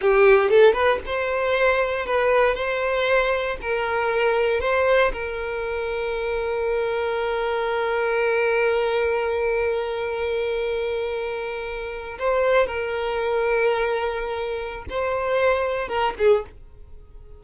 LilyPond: \new Staff \with { instrumentName = "violin" } { \time 4/4 \tempo 4 = 117 g'4 a'8 b'8 c''2 | b'4 c''2 ais'4~ | ais'4 c''4 ais'2~ | ais'1~ |
ais'1~ | ais'2.~ ais'8. c''16~ | c''8. ais'2.~ ais'16~ | ais'4 c''2 ais'8 gis'8 | }